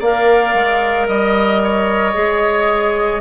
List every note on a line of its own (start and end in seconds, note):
0.00 0.54 A#3
0.00 2.14 A#4
0.00 1.07 D5
0.00 1.08 F5
0.54 1.08 G#3
1.08 2.15 G3
1.08 3.21 D#5
1.08 1.62 D#5
1.64 3.21 C#5
2.14 3.21 G#3
2.14 3.21 G#4